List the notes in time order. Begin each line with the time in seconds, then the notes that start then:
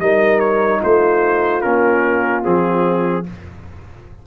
0.00 G3 D#4 A#4 D#5
0.40 C#5
0.81 A3 F4 C5
1.62 A#3 C#4 A#4
2.43 F3 C4 G#4